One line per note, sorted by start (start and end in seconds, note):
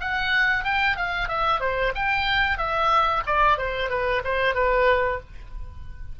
0.00 0.64 F#5
0.64 0.96 G5
0.96 1.28 F5
1.28 1.60 E5
1.60 1.92 C5
1.94 2.58 G5
2.58 3.23 E5
3.26 3.58 D5
3.58 3.89 C5
3.89 4.22 B4
4.24 4.54 C5
4.54 5.20 B4